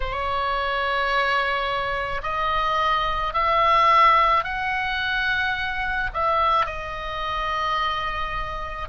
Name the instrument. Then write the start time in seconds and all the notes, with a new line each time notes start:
oboe
0.00 C#5
2.22 D#5
3.33 E5
4.43 F#5
6.13 E5
6.66 D#5